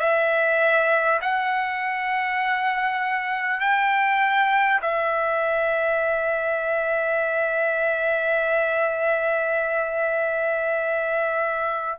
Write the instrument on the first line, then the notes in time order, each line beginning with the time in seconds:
trumpet
0.00 E5
1.22 F#5
3.61 G5
4.82 E5